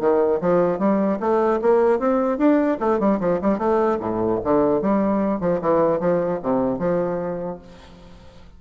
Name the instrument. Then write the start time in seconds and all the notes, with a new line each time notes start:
bassoon
0.00 D#3
0.41 F3
0.79 G3
1.20 A3
1.61 A#3
1.99 C4
2.38 D4
2.80 A3
3.00 G3
3.20 F3
3.41 G3
3.59 A3
4.00 A2
4.44 D3
4.82 G3
5.40 F3
5.61 E3
6.00 F3
6.43 C3
6.79 F3